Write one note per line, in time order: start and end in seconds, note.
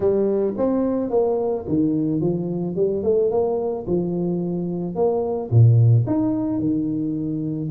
0.00 0.54 G3
0.57 1.10 C4
1.10 1.65 A#3
1.67 2.20 D#3
2.20 2.75 F3
2.75 3.03 G3
3.03 3.30 A3
3.30 3.85 A#3
3.87 4.95 F3
4.95 5.50 A#3
5.50 6.05 A#2
6.06 6.59 D#4
6.59 7.69 D#3